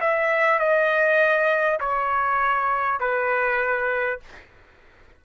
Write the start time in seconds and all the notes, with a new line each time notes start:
0.00 E5
0.59 D#5
1.79 C#5
3.00 B4